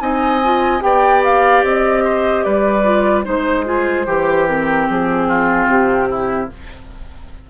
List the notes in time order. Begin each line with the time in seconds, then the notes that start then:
0.00 C4 D#4 D#5 G#5
0.44 F4
0.80 B3 G4 D5 G5
1.23 F5
1.63 C4 D#5
2.04 C5
2.43 G3 B4 D5
2.83 F4
3.24 G#3 D#4 C5
3.64 F4 G#4
4.06 E3 G4
4.47 C4 A#4
4.88 F3 G#4
5.27 F4
5.67 C3 G4
6.09 E4